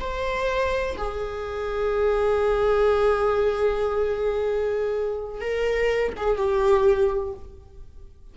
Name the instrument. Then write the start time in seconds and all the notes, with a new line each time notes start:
viola
0.00 C5
0.98 G#4
5.41 A#4
6.17 G#4
6.37 G4